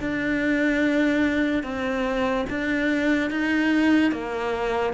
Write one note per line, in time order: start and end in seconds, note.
0.00 1.63 D4
1.63 2.45 C4
2.50 3.30 D4
3.30 4.12 D#4
4.12 4.94 A#3